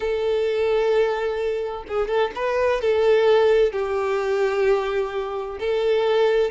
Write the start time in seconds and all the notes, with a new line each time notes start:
0.00 A4
1.88 G#4
2.08 A4
2.35 B4
2.81 A4
3.72 G4
5.59 A4